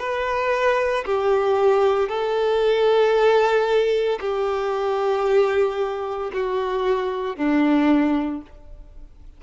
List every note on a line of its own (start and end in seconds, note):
0.00 1.05 B4
1.06 2.09 G4
2.09 4.19 A4
4.21 6.31 G4
6.34 7.37 F#4
7.37 8.42 D4